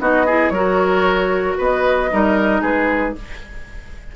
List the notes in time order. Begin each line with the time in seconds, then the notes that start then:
0.00 B3 D#4 F#4 D#5
0.26 E4 G#4
0.50 F#3 F#4 A#4 C#5
1.58 B3 B4 D#5
2.11 G3 D#4 A#4
2.62 G#3 G#4 B4